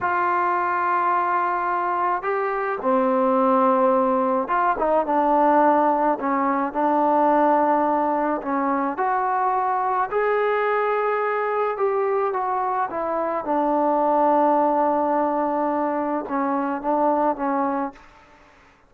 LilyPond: \new Staff \with { instrumentName = "trombone" } { \time 4/4 \tempo 4 = 107 f'1 | g'4 c'2. | f'8 dis'8 d'2 cis'4 | d'2. cis'4 |
fis'2 gis'2~ | gis'4 g'4 fis'4 e'4 | d'1~ | d'4 cis'4 d'4 cis'4 | }